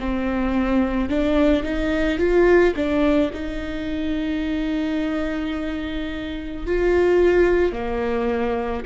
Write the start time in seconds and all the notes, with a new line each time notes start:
0.00 C4
1.10 D4
1.64 D#4
2.19 F4
2.76 D4
3.34 D#4
6.67 F4
7.73 A#3